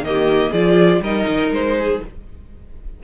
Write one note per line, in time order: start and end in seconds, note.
0.00 0.49 D#3
0.00 0.54 A#3
0.00 0.53 D#5
0.08 0.52 G4
0.52 1.01 F3
0.52 1.04 F4
0.52 1.01 G#4
0.52 1.02 D5
1.01 1.25 G3
1.01 2.03 D#4
1.01 1.77 A#4
1.01 1.53 D#5
1.28 1.50 D#3
1.50 2.00 G#3
1.50 2.03 C5
1.79 2.04 G#4